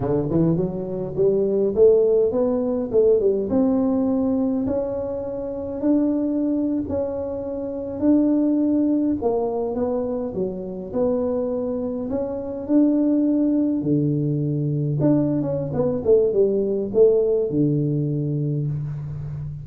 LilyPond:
\new Staff \with { instrumentName = "tuba" } { \time 4/4 \tempo 4 = 103 d8 e8 fis4 g4 a4 | b4 a8 g8 c'2 | cis'2 d'4.~ d'16 cis'16~ | cis'4.~ cis'16 d'2 ais16~ |
ais8. b4 fis4 b4~ b16~ | b8. cis'4 d'2 d16~ | d4.~ d16 d'8. cis'8 b8 a8 | g4 a4 d2 | }